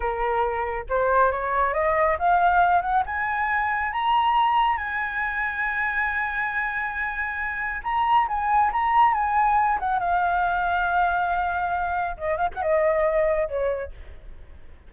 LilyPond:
\new Staff \with { instrumentName = "flute" } { \time 4/4 \tempo 4 = 138 ais'2 c''4 cis''4 | dis''4 f''4. fis''8 gis''4~ | gis''4 ais''2 gis''4~ | gis''1~ |
gis''2 ais''4 gis''4 | ais''4 gis''4. fis''8 f''4~ | f''1 | dis''8 f''16 fis''16 dis''2 cis''4 | }